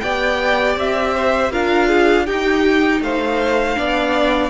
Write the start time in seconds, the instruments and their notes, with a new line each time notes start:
0.00 cello B3, viola G4, violin D5 G5
0.76 cello C4, violin E5
1.15 violin C5
1.52 cello D4, viola F4, violin A#4 F5
1.88 violin G#4
2.26 viola D#4, cello D#4, violin G4 G5
3.01 cello A3, violin C5 F5
3.76 cello B3, viola D4, violin D5